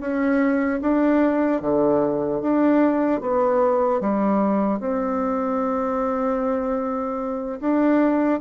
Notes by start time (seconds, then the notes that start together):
0.00 C#4
0.81 D4
1.61 D3
2.41 D4
3.21 B3
4.01 G3
4.80 C4
7.60 D4